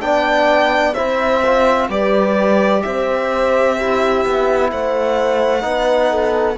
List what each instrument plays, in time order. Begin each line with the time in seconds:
0.00 cello B3, trombone D4, horn D5, violin G5
0.93 cello C4, trombone E4, horn C5, violin E5
1.45 trombone F4
1.88 cello G3, trombone G4, horn B4, violin D5
2.82 cello C4, horn C5, violin E5
3.76 trombone E4, horn G4
4.25 cello B3
4.71 cello A3, horn C5, violin F#5
5.61 cello B3, trombone D#4, horn B4
6.10 horn A4